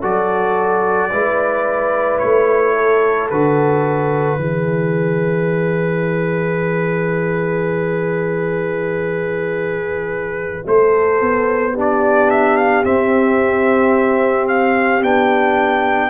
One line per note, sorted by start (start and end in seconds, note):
0.00 1.12 F#3
0.00 1.11 F#4
0.00 1.09 A4
0.00 2.19 D5
1.12 2.21 G#3
1.12 3.30 E4
1.12 2.75 B4
2.19 3.31 A3
2.19 3.28 C#5
2.75 4.39 A4
3.30 4.37 D3
3.30 4.39 F#4
3.30 10.66 B4
4.37 10.65 E3
4.37 11.75 E4
4.37 10.67 G#4
10.66 11.21 A3
10.66 11.73 A4
10.66 11.77 C5
11.21 12.84 B3
11.73 12.84 D4
11.73 16.09 G4
11.80 12.30 D5
12.30 12.57 E5
12.57 12.84 F5
12.84 15.02 C4
12.84 14.48 E5
14.48 15.03 F5
15.02 16.10 B3
15.02 16.10 D4
15.02 16.10 G5